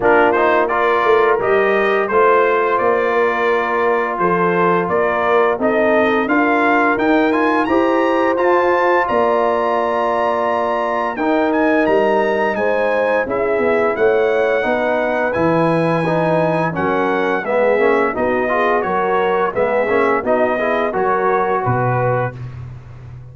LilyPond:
<<
  \new Staff \with { instrumentName = "trumpet" } { \time 4/4 \tempo 4 = 86 ais'8 c''8 d''4 dis''4 c''4 | d''2 c''4 d''4 | dis''4 f''4 g''8 gis''8 ais''4 | a''4 ais''2. |
g''8 gis''8 ais''4 gis''4 e''4 | fis''2 gis''2 | fis''4 e''4 dis''4 cis''4 | e''4 dis''4 cis''4 b'4 | }
  \new Staff \with { instrumentName = "horn" } { \time 4/4 f'4 ais'2 c''4~ | c''8 ais'4. a'4 ais'4 | a'4 ais'2 c''4~ | c''4 d''2. |
ais'2 c''4 gis'4 | cis''4 b'2. | ais'4 gis'4 fis'8 gis'8 ais'4 | gis'4 fis'8 gis'8 ais'4 b'4 | }
  \new Staff \with { instrumentName = "trombone" } { \time 4/4 d'8 dis'8 f'4 g'4 f'4~ | f'1 | dis'4 f'4 dis'8 f'8 g'4 | f'1 |
dis'2. e'4~ | e'4 dis'4 e'4 dis'4 | cis'4 b8 cis'8 dis'8 f'8 fis'4 | b8 cis'8 dis'8 e'8 fis'2 | }
  \new Staff \with { instrumentName = "tuba" } { \time 4/4 ais4. a8 g4 a4 | ais2 f4 ais4 | c'4 d'4 dis'4 e'4 | f'4 ais2. |
dis'4 g4 gis4 cis'8 b8 | a4 b4 e2 | fis4 gis8 ais8 b4 fis4 | gis8 ais8 b4 fis4 b,4 | }
>>